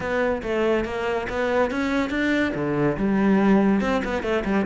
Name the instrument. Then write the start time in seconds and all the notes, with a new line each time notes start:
cello
0.00 B3
0.42 A3
0.85 A#3
1.29 B3
1.70 C#4
2.10 D4
2.54 D3
2.97 G3
3.80 C4
4.04 B3
4.22 A3
4.45 G3